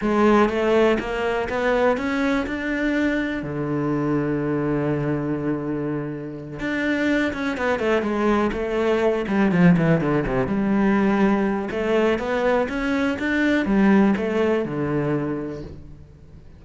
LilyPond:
\new Staff \with { instrumentName = "cello" } { \time 4/4 \tempo 4 = 123 gis4 a4 ais4 b4 | cis'4 d'2 d4~ | d1~ | d4. d'4. cis'8 b8 |
a8 gis4 a4. g8 f8 | e8 d8 c8 g2~ g8 | a4 b4 cis'4 d'4 | g4 a4 d2 | }